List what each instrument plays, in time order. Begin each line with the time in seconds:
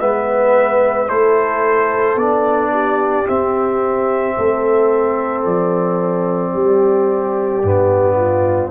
0.00 tuba G#3, trombone B3, horn B4, trumpet E5
1.08 tuba A3, trombone E4, horn A4, trumpet C5
2.16 tuba B3, trombone D4, trumpet D5
2.73 horn G4
3.27 trombone C4, tuba C4, trumpet E5
4.37 tuba A3, horn A4
5.45 tuba F3, trumpet D5
6.53 tuba G3, horn G4
7.64 tuba G2, trombone B3
8.17 horn F4